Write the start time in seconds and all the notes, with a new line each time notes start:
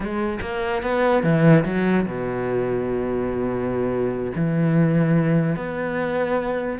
0.00 G#3
0.41 A#3
0.82 B3
1.23 E3
1.64 F#3
2.06 B2
4.35 E3
5.56 B3